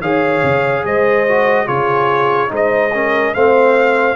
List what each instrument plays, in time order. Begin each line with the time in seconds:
0.00 tuba D#3, trombone G#4, horn C#5, trumpet F5
0.43 tuba C#3
0.85 tuba G#3, horn C5, trumpet D#5
1.28 trombone F#4
1.66 tuba C#3, trombone F4, horn G#4, trumpet C#5
2.48 tuba G#3, trombone D#4, horn C5
2.56 trumpet D#5
2.94 trombone C#4, horn A#4
3.34 tuba A3, trombone C4, horn C5, trumpet F5